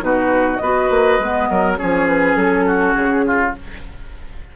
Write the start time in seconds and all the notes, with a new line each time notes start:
0.00 B2 D#4 F#4 B4
0.57 B3 B4 D#5
0.63 F#4
0.90 A#3
1.20 G#3 B3
1.50 F#3 A#4
1.77 F3 C#4 G#4 C#5
2.08 B4
2.36 F#3 A4
2.67 F#4
2.94 C#3 G#4
3.27 F4